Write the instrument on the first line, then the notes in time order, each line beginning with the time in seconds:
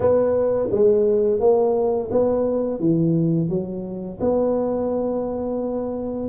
tuba
0.00 B3
0.71 G#3
1.40 A#3
2.11 B3
2.79 E3
3.49 F#3
4.20 B3